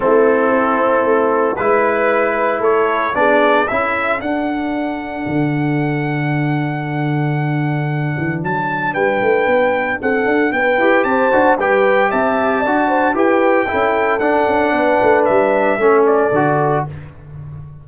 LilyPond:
<<
  \new Staff \with { instrumentName = "trumpet" } { \time 4/4 \tempo 4 = 114 a'2. b'4~ | b'4 cis''4 d''4 e''4 | fis''1~ | fis''1 |
a''4 g''2 fis''4 | g''4 a''4 g''4 a''4~ | a''4 g''2 fis''4~ | fis''4 e''4. d''4. | }
  \new Staff \with { instrumentName = "horn" } { \time 4/4 e'2. b'4~ | b'4 a'4 gis'4 a'4~ | a'1~ | a'1~ |
a'4 b'2 a'4 | b'4 c''4 b'4 e''4 | d''8 c''8 b'4 a'2 | b'2 a'2 | }
  \new Staff \with { instrumentName = "trombone" } { \time 4/4 c'2. e'4~ | e'2 d'4 e'4 | d'1~ | d'1~ |
d'1~ | d'8 g'4 fis'8 g'2 | fis'4 g'4 e'4 d'4~ | d'2 cis'4 fis'4 | }
  \new Staff \with { instrumentName = "tuba" } { \time 4/4 a4 c'4 a4 gis4~ | gis4 a4 b4 cis'4 | d'2 d2~ | d2.~ d8 e8 |
fis4 g8 a8 b4 c'8 d'8 | b8 e'8 c'8 d'8 g4 c'4 | d'4 e'4 cis'4 d'8 cis'8 | b8 a8 g4 a4 d4 | }
>>